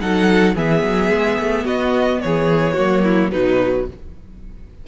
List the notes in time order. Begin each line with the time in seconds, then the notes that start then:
0.00 F#3 D#4 A4 F#5
0.55 E3 B3 G#4 E5
0.83 F#3
1.10 G#3
1.38 A3
1.64 B3 F#4 D#5
2.21 E3 G#4 C#5
2.74 F#3 A#3 F#4
3.03 E4
3.31 B2 F#3 D#4 B4